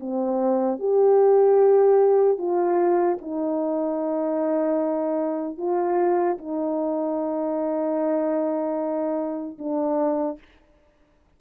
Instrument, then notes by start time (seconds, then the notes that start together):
horn
0.00 C4
0.79 G4
2.38 F4
3.21 D#4
5.57 F4
6.38 D#4
9.58 D4